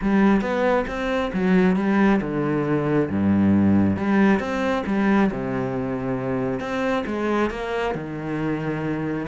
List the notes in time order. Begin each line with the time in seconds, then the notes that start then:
0.01 G3
0.41 B3
0.87 C4
1.33 F#3
1.76 G3
2.21 D3
3.10 G2
3.96 G3
4.39 C4
4.86 G3
5.31 C3
6.60 C4
7.06 G#3
7.50 A#3
7.94 D#3